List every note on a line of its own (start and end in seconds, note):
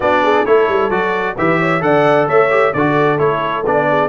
0.00 0.44 B3
0.00 0.45 D4
0.00 0.23 F#4
0.00 0.45 D5
0.23 0.44 G#4
0.44 0.69 A3
0.44 0.90 E4
0.44 1.35 A4
0.44 0.90 C#5
0.69 0.89 G3
0.89 1.35 F#3
0.89 1.36 F#4
0.89 1.36 D5
1.37 1.81 E3
1.37 1.80 G4
1.37 1.59 B4
1.37 1.82 E5
1.59 1.82 C#5
1.80 2.27 D3
1.80 2.48 A4
1.80 2.28 D5
1.80 2.27 F#5
2.27 2.73 A3
2.27 2.73 C#5
2.27 2.73 E5
2.50 2.73 G4
2.73 3.19 D3
2.73 3.18 F#4
2.73 3.88 A4
2.73 3.18 D5
3.18 3.64 A3
3.18 3.63 E4
3.18 3.64 C#5
3.65 4.08 B3
3.65 4.08 D4
3.65 4.08 D5
3.88 4.08 G#4